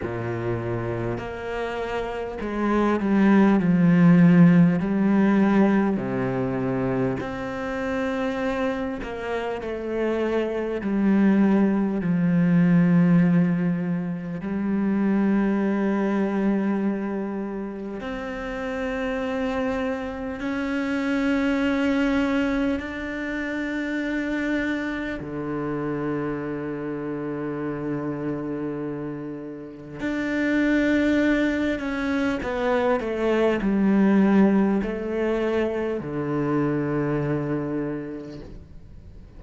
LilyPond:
\new Staff \with { instrumentName = "cello" } { \time 4/4 \tempo 4 = 50 ais,4 ais4 gis8 g8 f4 | g4 c4 c'4. ais8 | a4 g4 f2 | g2. c'4~ |
c'4 cis'2 d'4~ | d'4 d2.~ | d4 d'4. cis'8 b8 a8 | g4 a4 d2 | }